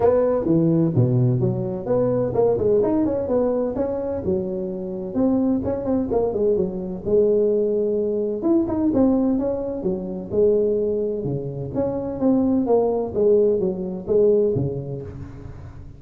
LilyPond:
\new Staff \with { instrumentName = "tuba" } { \time 4/4 \tempo 4 = 128 b4 e4 b,4 fis4 | b4 ais8 gis8 dis'8 cis'8 b4 | cis'4 fis2 c'4 | cis'8 c'8 ais8 gis8 fis4 gis4~ |
gis2 e'8 dis'8 c'4 | cis'4 fis4 gis2 | cis4 cis'4 c'4 ais4 | gis4 fis4 gis4 cis4 | }